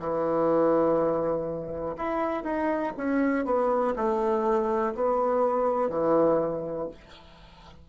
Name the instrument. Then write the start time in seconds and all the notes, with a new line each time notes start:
bassoon
0.00 E3
1.97 E4
2.44 D#4
2.98 C#4
3.45 B3
3.96 A3
4.95 B3
5.90 E3